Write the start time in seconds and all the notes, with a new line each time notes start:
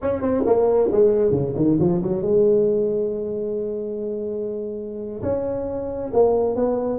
0.02 C#4
0.21 C4
0.45 A#3
0.91 G#3
1.31 C#3
1.56 D#3
1.79 F3
2.02 F#3
2.22 G#3
5.22 C#4
6.13 A#3
6.55 B3